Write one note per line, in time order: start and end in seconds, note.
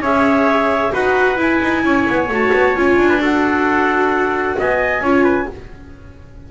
0.00 0.91 C#4
0.00 0.92 G#4
0.00 0.92 C#5
0.00 0.93 E5
0.92 1.38 D#4
0.92 1.36 F#4
0.92 1.83 B4
0.92 1.39 F#5
1.36 2.26 E4
1.36 1.61 E4
1.36 2.32 G#5
1.62 1.84 D#4
1.84 2.07 C#4
1.84 3.09 C#5
2.09 2.28 B3
2.28 2.51 A3
2.28 2.76 F#4
2.28 2.78 A5
2.53 2.76 B3
2.76 2.96 C#4
2.76 3.19 F4
2.76 3.23 G#5
2.96 4.56 D4
3.09 3.20 B4
3.19 5.00 F#4
3.19 4.58 A4
3.19 4.60 F#5
4.58 5.00 B3
4.58 5.02 D#5
4.58 5.51 G#5
5.00 5.46 C#4
5.00 5.49 F4
5.00 5.23 C#5
5.23 5.46 B4